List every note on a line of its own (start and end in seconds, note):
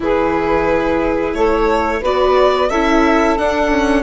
0.00 1.34 E3
0.00 2.01 E4
0.00 1.36 G#4
0.00 1.34 B4
1.34 2.01 A3
1.34 2.00 A4
1.34 2.02 C#5
2.00 2.70 B3
2.00 2.69 F#4
2.00 2.68 B4
2.00 2.70 D5
2.68 3.37 C#4
2.68 3.38 E4
2.68 4.02 A4
2.68 3.37 E5
3.38 4.02 D4
3.38 3.71 D4
3.38 4.02 F#5
3.71 4.02 C#4